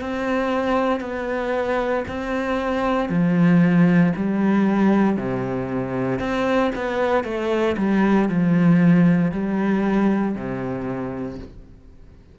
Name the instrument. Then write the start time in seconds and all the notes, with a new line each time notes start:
cello
0.00 C4
1.00 B3
2.07 C4
3.09 F3
4.16 G3
5.16 C3
6.19 C4
6.75 B3
7.24 A3
7.77 G3
8.29 F3
9.32 G3
10.35 C3